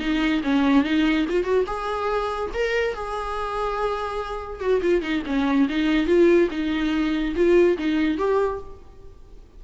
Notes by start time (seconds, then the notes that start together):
0.00 D#4
0.44 C#4
0.84 D#4
1.29 F4
1.44 F#4
1.67 G#4
2.54 A#4
2.95 G#4
4.60 F#4
4.82 F4
5.02 D#4
5.27 C#4
5.69 D#4
6.07 F4
6.51 D#4
7.36 F4
7.78 D#4
8.18 G4